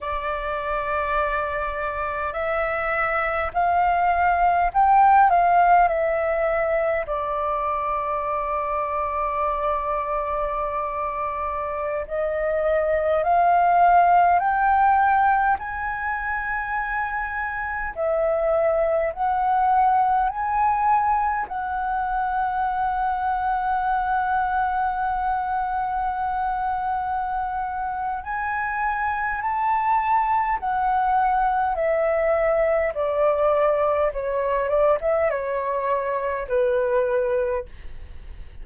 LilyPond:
\new Staff \with { instrumentName = "flute" } { \time 4/4 \tempo 4 = 51 d''2 e''4 f''4 | g''8 f''8 e''4 d''2~ | d''2~ d''16 dis''4 f''8.~ | f''16 g''4 gis''2 e''8.~ |
e''16 fis''4 gis''4 fis''4.~ fis''16~ | fis''1 | gis''4 a''4 fis''4 e''4 | d''4 cis''8 d''16 e''16 cis''4 b'4 | }